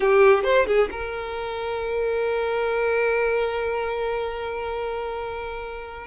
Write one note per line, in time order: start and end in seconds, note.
0.00 0.43 G4
0.43 0.66 C5
0.66 0.89 G#4
0.91 6.07 A#4